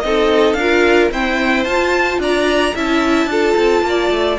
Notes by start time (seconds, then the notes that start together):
0.00 C4 D#4 A4 D#5
0.54 D4 A#4 F5
0.60 F4
1.11 C4 E4 C5 G5
1.64 F4 A5
2.18 D4 D5 A#5
2.75 C#4 E4 E5 A5
3.26 D4 F4 A4
3.57 C4
3.82 A#3
3.89 D5
4.10 A3